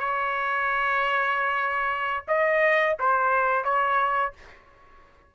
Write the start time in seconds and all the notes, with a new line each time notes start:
0.00 C#5
2.28 D#5
2.99 C5
3.64 C#5